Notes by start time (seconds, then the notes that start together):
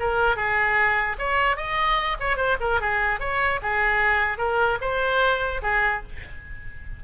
0.00 A#4
0.36 G#4
1.19 C#5
1.57 D#5
2.20 C#5
2.37 C5
2.61 A#4
2.81 G#4
3.20 C#5
3.62 G#4
4.38 A#4
4.81 C5
5.62 G#4